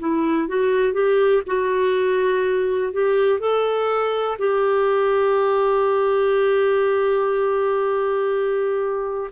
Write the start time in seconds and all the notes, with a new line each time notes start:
0.00 E4
0.48 F#4
0.93 G4
1.47 F#4
2.93 G4
3.40 A4
4.39 G4